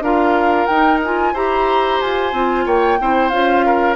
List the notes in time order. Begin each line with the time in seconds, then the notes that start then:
0.00 D4 F4 A#4 F5
0.66 D#4 G5
1.04 F4 G#5
1.33 E4 G4 C5 A#5
2.01 F4 G#5
2.32 C4 F4
2.65 A#3 C#5 G5
2.99 C4 E4 C5
3.28 C#4 F4 F5
3.65 A#4